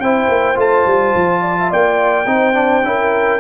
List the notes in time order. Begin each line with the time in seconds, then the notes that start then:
0.00 C4 E4 C5 G5
0.29 A#3
0.56 A3 F4 A5
0.86 G3
1.15 F3
1.42 D5
1.60 E5
1.71 A#3 D5 G5
2.26 C4 D#4 C5
2.54 D4
2.84 C#4 E4 A#4